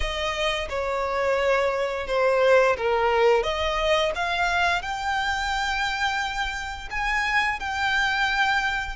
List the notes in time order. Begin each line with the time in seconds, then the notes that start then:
0.00 D#5
0.69 C#5
2.07 C5
2.76 A#4
3.43 D#5
4.15 F5
4.82 G5
6.90 G#5
7.59 G5